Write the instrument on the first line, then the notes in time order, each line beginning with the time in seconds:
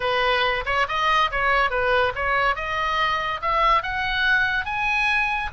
oboe
0.00 B4
0.65 C#5
0.88 D#5
1.31 C#5
1.70 B4
2.15 C#5
2.55 D#5
3.41 E5
3.82 F#5
4.65 G#5